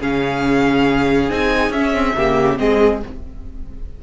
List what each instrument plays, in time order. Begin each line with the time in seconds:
0.00 cello C#3, viola C#4, violin G#4 F5
1.30 cello C4, viola D#4, violin G#5
1.70 cello C#4, viola C#4, violin E5
1.94 viola C4
2.17 cello C#3, viola A#3, violin G4
2.58 cello G#3, viola C4, violin G#4 D#5